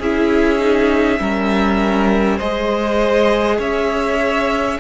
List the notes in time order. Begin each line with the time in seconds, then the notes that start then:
0.00 C#4 E4 G#4 E5
0.59 D#4
1.20 G3 C#4 A#4
2.38 G#3 G#4 C5 D#5
3.59 C#4 C#5 E5